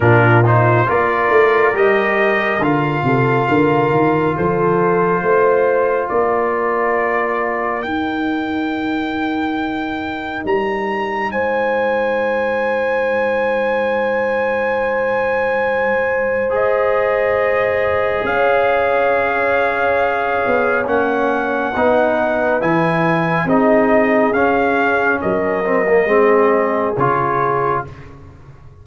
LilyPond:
<<
  \new Staff \with { instrumentName = "trumpet" } { \time 4/4 \tempo 4 = 69 ais'8 c''8 d''4 dis''4 f''4~ | f''4 c''2 d''4~ | d''4 g''2. | ais''4 gis''2.~ |
gis''2. dis''4~ | dis''4 f''2. | fis''2 gis''4 dis''4 | f''4 dis''2 cis''4 | }
  \new Staff \with { instrumentName = "horn" } { \time 4/4 f'4 ais'2~ ais'8 a'8 | ais'4 a'4 c''4 ais'4~ | ais'1~ | ais'4 c''2.~ |
c''1~ | c''4 cis''2.~ | cis''4 b'2 gis'4~ | gis'4 ais'4 gis'2 | }
  \new Staff \with { instrumentName = "trombone" } { \time 4/4 d'8 dis'8 f'4 g'4 f'4~ | f'1~ | f'4 dis'2.~ | dis'1~ |
dis'2. gis'4~ | gis'1 | cis'4 dis'4 e'4 dis'4 | cis'4. c'16 ais16 c'4 f'4 | }
  \new Staff \with { instrumentName = "tuba" } { \time 4/4 ais,4 ais8 a8 g4 d8 c8 | d8 dis8 f4 a4 ais4~ | ais4 dis'2. | g4 gis2.~ |
gis1~ | gis4 cis'2~ cis'8 b8 | ais4 b4 e4 c'4 | cis'4 fis4 gis4 cis4 | }
>>